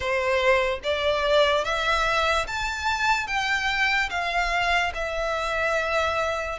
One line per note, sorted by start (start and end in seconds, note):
0.00 0.79 C5
0.83 1.64 D5
1.64 2.46 E5
2.47 3.27 A5
3.27 4.09 G5
4.10 4.92 F5
4.94 6.58 E5